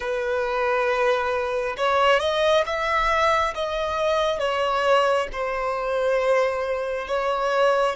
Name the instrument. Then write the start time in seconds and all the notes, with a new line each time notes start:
violin
0.00 B4
1.77 C#5
2.19 D#5
2.66 E5
3.54 D#5
4.39 C#5
5.32 C5
7.07 C#5